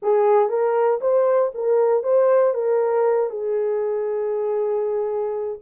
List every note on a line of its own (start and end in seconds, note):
0.02 0.49 G#4
0.49 1.00 A#4
1.00 1.51 C5
1.54 2.03 A#4
2.03 2.54 C5
2.54 3.29 A#4
3.29 5.58 G#4